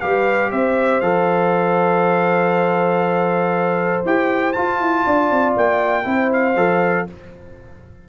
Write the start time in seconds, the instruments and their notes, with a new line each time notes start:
0.00 tuba G3, trombone G4, horn B4, trumpet F5
0.51 tuba C4, horn C5, trumpet E5
1.01 tuba F3, trombone A4, trumpet F5
4.05 tuba E4, trombone G4, trumpet G5
4.53 trombone F4, tuba F4, trumpet A5
4.79 tuba E4
5.05 tuba D4, horn D5
5.30 tuba C4
5.56 tuba A#3, trumpet G5
6.04 tuba C4, trombone E4, horn C5
6.33 trumpet F5
6.56 tuba F3, trombone A4